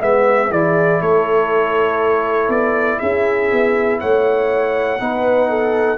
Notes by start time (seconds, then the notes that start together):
0.00 G#3 B3 E5
0.51 E3 E4 G#4 D5
1.01 A3 A4 C#5
2.49 B3 D5
3.00 C#4 G#4 E5
3.52 B3
4.00 A3 C#5 F#5
5.00 B3 D#4 B4
5.50 A4